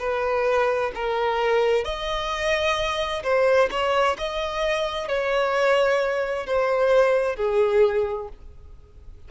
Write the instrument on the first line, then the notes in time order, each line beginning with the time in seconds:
violin
0.00 B4
0.95 A#4
1.85 D#5
3.23 C5
3.71 C#5
4.19 D#5
5.09 C#5
6.47 C5
7.36 G#4